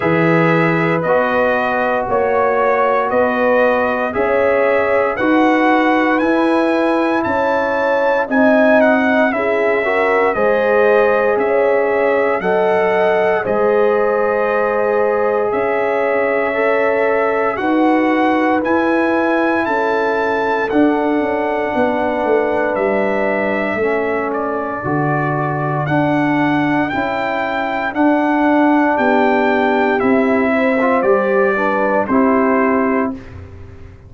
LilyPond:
<<
  \new Staff \with { instrumentName = "trumpet" } { \time 4/4 \tempo 4 = 58 e''4 dis''4 cis''4 dis''4 | e''4 fis''4 gis''4 a''4 | gis''8 fis''8 e''4 dis''4 e''4 | fis''4 dis''2 e''4~ |
e''4 fis''4 gis''4 a''4 | fis''2 e''4. d''8~ | d''4 fis''4 g''4 fis''4 | g''4 e''4 d''4 c''4 | }
  \new Staff \with { instrumentName = "horn" } { \time 4/4 b'2 cis''4 b'4 | cis''4 b'2 cis''4 | dis''4 gis'8 ais'8 c''4 cis''4 | dis''4 c''2 cis''4~ |
cis''4 b'2 a'4~ | a'4 b'2 a'4~ | a'1 | g'4. c''4 b'8 g'4 | }
  \new Staff \with { instrumentName = "trombone" } { \time 4/4 gis'4 fis'2. | gis'4 fis'4 e'2 | dis'4 e'8 fis'8 gis'2 | a'4 gis'2. |
a'4 fis'4 e'2 | d'2. cis'4 | fis'4 d'4 e'4 d'4~ | d'4 e'8. f'16 g'8 d'8 e'4 | }
  \new Staff \with { instrumentName = "tuba" } { \time 4/4 e4 b4 ais4 b4 | cis'4 dis'4 e'4 cis'4 | c'4 cis'4 gis4 cis'4 | fis4 gis2 cis'4~ |
cis'4 dis'4 e'4 cis'4 | d'8 cis'8 b8 a8 g4 a4 | d4 d'4 cis'4 d'4 | b4 c'4 g4 c'4 | }
>>